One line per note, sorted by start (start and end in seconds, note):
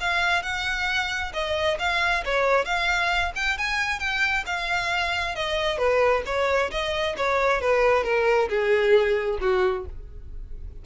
0.00 0.42 F5
0.42 1.32 F#5
1.33 1.78 D#5
1.78 2.23 F5
2.25 2.64 C#5
2.64 3.32 F5
3.35 3.57 G5
3.57 3.99 G#5
3.99 4.44 G5
4.46 5.35 F5
5.35 5.77 D#5
5.77 6.22 B4
6.25 6.70 C#5
6.70 7.15 D#5
7.17 7.61 C#5
7.61 8.04 B4
8.04 8.48 A#4
8.49 9.38 G#4
9.40 9.85 F#4